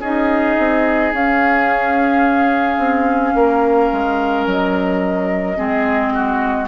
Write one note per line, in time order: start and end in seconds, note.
0.00 0.56 C#4
0.00 1.14 D#4
0.00 3.33 G#4
0.00 1.14 D#5
0.58 1.12 C4
1.12 2.78 C#4
1.12 5.56 C#4
1.12 4.47 F5
2.78 3.33 C4
3.34 3.90 A#3
3.34 5.57 A#4
3.92 4.46 G#3
4.46 5.57 F#3
4.46 6.67 D#5
5.56 6.67 G#3
5.56 6.67 C4
5.56 6.13 G#4
6.13 6.67 F#4